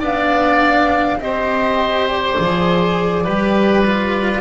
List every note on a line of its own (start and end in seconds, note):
0.00 1.18 B3
0.00 1.19 D4
0.00 1.18 D5
0.00 1.21 F5
1.18 2.36 C4
1.18 2.38 G4
1.18 3.24 C5
1.18 2.09 D#5
2.10 4.41 D5
2.38 3.27 F3
2.38 3.25 G#4
3.24 4.41 G3
3.24 3.84 G4
3.24 4.41 B4
3.86 4.41 F4